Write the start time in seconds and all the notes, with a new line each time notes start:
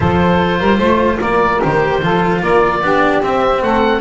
0.00 F3 F4 A4 C5
0.58 G3 A#4
0.77 A3 C5
1.20 A#3 A#4 D5
1.61 D#3 G4 C5
2.02 F3 F4 A4
2.40 A#3 A#4 D5
2.81 B3 D4 G4
3.22 C4 E5
3.62 A3 A4 F#5